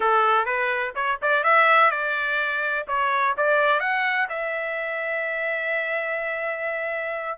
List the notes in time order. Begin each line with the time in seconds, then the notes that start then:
0.00 A4
0.45 B4
0.95 C#5
1.22 D5
1.43 E5
1.90 D5
2.87 C#5
3.37 D5
3.80 F#5
4.29 E5